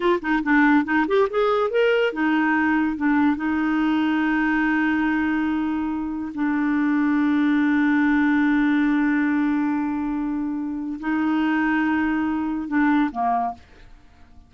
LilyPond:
\new Staff \with { instrumentName = "clarinet" } { \time 4/4 \tempo 4 = 142 f'8 dis'8 d'4 dis'8 g'8 gis'4 | ais'4 dis'2 d'4 | dis'1~ | dis'2. d'4~ |
d'1~ | d'1~ | d'2 dis'2~ | dis'2 d'4 ais4 | }